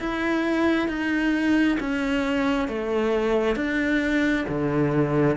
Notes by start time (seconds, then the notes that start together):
0.00 E4
0.89 D#4
1.80 C#4
2.69 A3
3.57 D4
4.49 D3